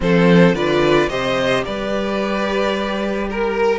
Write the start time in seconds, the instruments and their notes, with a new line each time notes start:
0.00 cello F3, viola C4, violin A4 C5
0.53 cello D3, viola F4, violin B4 D5
1.09 cello C3, viola G4, violin C5 D#5
1.65 cello G3, violin B4 D5
3.30 violin A#4